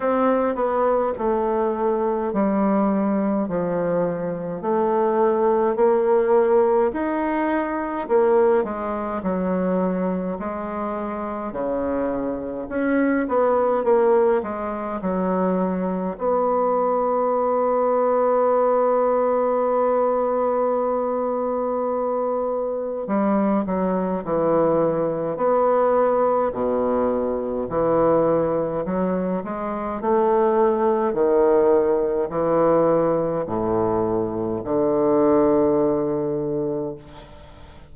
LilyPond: \new Staff \with { instrumentName = "bassoon" } { \time 4/4 \tempo 4 = 52 c'8 b8 a4 g4 f4 | a4 ais4 dis'4 ais8 gis8 | fis4 gis4 cis4 cis'8 b8 | ais8 gis8 fis4 b2~ |
b1 | g8 fis8 e4 b4 b,4 | e4 fis8 gis8 a4 dis4 | e4 a,4 d2 | }